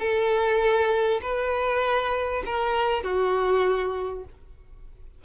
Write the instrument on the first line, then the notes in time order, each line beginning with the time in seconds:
violin
0.00 A4
1.23 B4
2.46 A#4
3.04 F#4